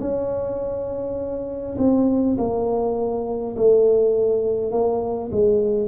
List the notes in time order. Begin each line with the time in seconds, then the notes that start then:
0.00 C#4
1.78 C4
2.38 A#3
3.56 A3
4.71 A#3
5.32 G#3